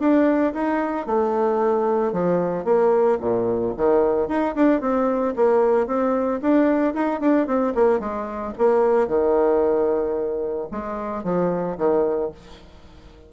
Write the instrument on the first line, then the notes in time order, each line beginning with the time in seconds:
bassoon
0.00 D4
0.54 D#4
1.07 A3
2.13 F3
2.65 A#3
3.20 A#2
3.77 D#3
4.28 D#4
4.55 D4
4.81 C4
5.36 A#3
5.87 C4
6.42 D4
6.94 D#4
7.21 D4
7.47 C4
7.75 A#3
8.00 G#3
8.58 A#3
9.08 D#3
10.71 G#3
11.24 F3
11.78 D#3